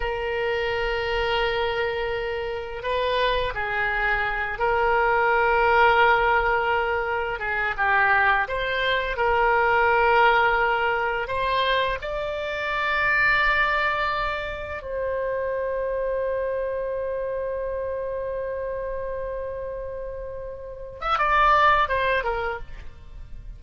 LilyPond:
\new Staff \with { instrumentName = "oboe" } { \time 4/4 \tempo 4 = 85 ais'1 | b'4 gis'4. ais'4.~ | ais'2~ ais'8 gis'8 g'4 | c''4 ais'2. |
c''4 d''2.~ | d''4 c''2.~ | c''1~ | c''4.~ c''16 e''16 d''4 c''8 ais'8 | }